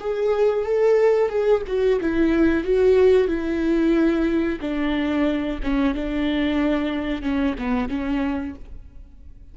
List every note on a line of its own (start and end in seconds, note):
0.00 0.65 G#4
0.65 1.29 A4
1.29 1.62 G#4
1.67 2.00 F#4
2.00 2.64 E4
2.64 3.27 F#4
3.27 4.59 E4
4.61 5.60 D4
5.63 5.94 C#4
5.94 7.22 D4
7.22 7.55 C#4
7.59 7.89 B3
7.89 8.54 C#4